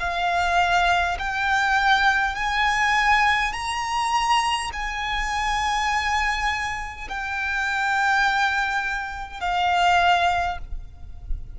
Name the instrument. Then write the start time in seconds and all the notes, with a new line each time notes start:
violin
0.00 F5
1.19 G5
2.35 G#5
3.53 A#5
4.73 G#5
7.09 G5
9.41 F5